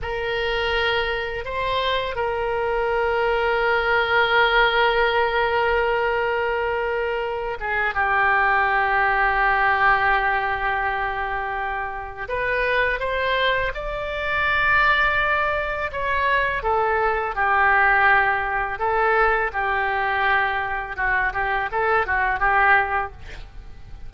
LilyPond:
\new Staff \with { instrumentName = "oboe" } { \time 4/4 \tempo 4 = 83 ais'2 c''4 ais'4~ | ais'1~ | ais'2~ ais'8 gis'8 g'4~ | g'1~ |
g'4 b'4 c''4 d''4~ | d''2 cis''4 a'4 | g'2 a'4 g'4~ | g'4 fis'8 g'8 a'8 fis'8 g'4 | }